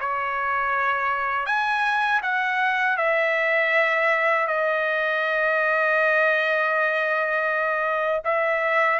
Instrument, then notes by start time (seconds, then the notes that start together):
trumpet
0.00 C#5
1.46 G#5
2.22 F#5
2.97 E5
4.47 D#5
8.24 E5